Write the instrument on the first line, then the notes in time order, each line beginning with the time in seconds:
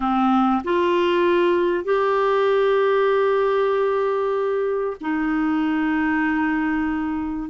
clarinet
0.00 C4
0.64 F4
1.84 G4
5.00 D#4